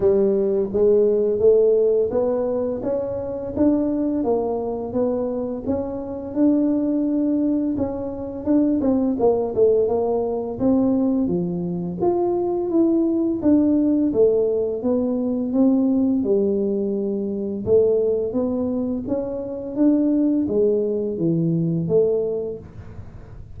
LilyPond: \new Staff \with { instrumentName = "tuba" } { \time 4/4 \tempo 4 = 85 g4 gis4 a4 b4 | cis'4 d'4 ais4 b4 | cis'4 d'2 cis'4 | d'8 c'8 ais8 a8 ais4 c'4 |
f4 f'4 e'4 d'4 | a4 b4 c'4 g4~ | g4 a4 b4 cis'4 | d'4 gis4 e4 a4 | }